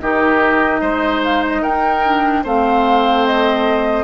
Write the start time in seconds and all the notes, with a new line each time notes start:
0.00 D#3 D#4 G4 D#5
0.81 G#3 C5
1.24 F5
1.47 D#5
1.62 D#4 A#4 G5
2.05 D4
2.44 A3 C4 C5 F5
3.27 D#5